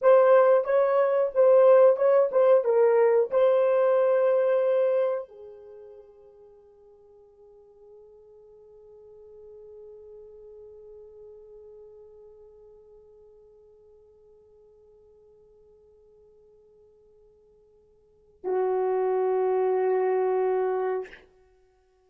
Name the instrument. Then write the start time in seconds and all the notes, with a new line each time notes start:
horn
0.01 C5
0.64 C#5
1.34 C5
1.96 C#5
2.31 C5
2.64 A#4
3.30 C5
5.28 G#4
18.43 F#4